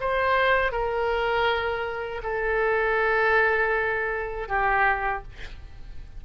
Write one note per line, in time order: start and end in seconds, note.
0.00 0.72 C5
0.72 2.22 A#4
2.23 4.48 A4
4.48 5.23 G4